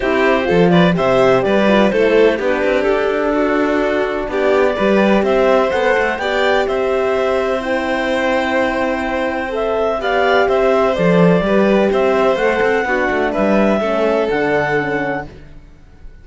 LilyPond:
<<
  \new Staff \with { instrumentName = "clarinet" } { \time 4/4 \tempo 4 = 126 c''4. d''8 e''4 d''4 | c''4 b'4 a'2~ | a'4 d''2 e''4 | fis''4 g''4 e''2 |
g''1 | e''4 f''4 e''4 d''4~ | d''4 e''4 fis''2 | e''2 fis''2 | }
  \new Staff \with { instrumentName = "violin" } { \time 4/4 g'4 a'8 b'8 c''4 b'4 | a'4 g'2 fis'4~ | fis'4 g'4 b'4 c''4~ | c''4 d''4 c''2~ |
c''1~ | c''4 d''4 c''2 | b'4 c''2 fis'4 | b'4 a'2. | }
  \new Staff \with { instrumentName = "horn" } { \time 4/4 e'4 f'4 g'4. f'8 | e'4 d'2.~ | d'2 g'2 | a'4 g'2. |
e'1 | a'4 g'2 a'4 | g'2 a'4 d'4~ | d'4 cis'4 d'4 cis'4 | }
  \new Staff \with { instrumentName = "cello" } { \time 4/4 c'4 f4 c4 g4 | a4 b8 c'8 d'2~ | d'4 b4 g4 c'4 | b8 a8 b4 c'2~ |
c'1~ | c'4 b4 c'4 f4 | g4 c'4 a8 c'8 b8 a8 | g4 a4 d2 | }
>>